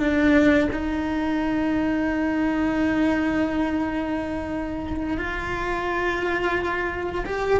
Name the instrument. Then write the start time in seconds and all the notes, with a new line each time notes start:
cello
0.00 D4
0.72 D#4
5.18 F4
7.26 G4